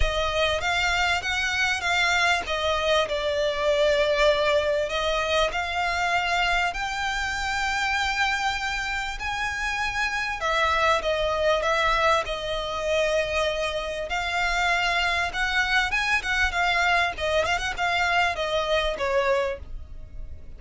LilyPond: \new Staff \with { instrumentName = "violin" } { \time 4/4 \tempo 4 = 98 dis''4 f''4 fis''4 f''4 | dis''4 d''2. | dis''4 f''2 g''4~ | g''2. gis''4~ |
gis''4 e''4 dis''4 e''4 | dis''2. f''4~ | f''4 fis''4 gis''8 fis''8 f''4 | dis''8 f''16 fis''16 f''4 dis''4 cis''4 | }